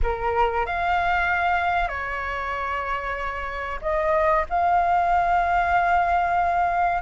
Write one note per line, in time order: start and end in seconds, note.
0.02 0.66 A#4
0.66 1.88 F5
1.88 3.79 C#5
3.81 4.45 D#5
4.49 7.02 F5